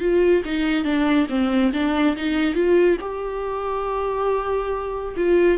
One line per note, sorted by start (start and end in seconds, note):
0.00 0.43 F4
0.45 0.84 D#4
0.84 1.27 D4
1.29 1.72 C4
1.73 2.16 D4
2.16 2.54 D#4
2.54 2.97 F4
3.00 5.15 G4
5.16 5.58 F4